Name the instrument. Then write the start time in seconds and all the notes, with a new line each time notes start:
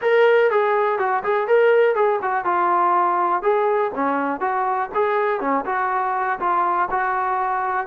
trombone
0.01 A#4
0.50 G#4
0.98 F#4
1.23 G#4
1.47 A#4
1.95 G#4
2.21 F#4
2.44 F4
3.42 G#4
3.94 C#4
4.40 F#4
4.94 G#4
5.40 C#4
5.65 F#4
6.39 F4
6.90 F#4